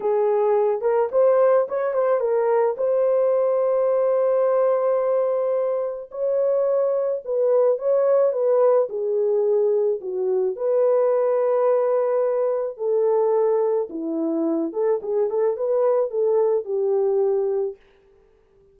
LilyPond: \new Staff \with { instrumentName = "horn" } { \time 4/4 \tempo 4 = 108 gis'4. ais'8 c''4 cis''8 c''8 | ais'4 c''2.~ | c''2. cis''4~ | cis''4 b'4 cis''4 b'4 |
gis'2 fis'4 b'4~ | b'2. a'4~ | a'4 e'4. a'8 gis'8 a'8 | b'4 a'4 g'2 | }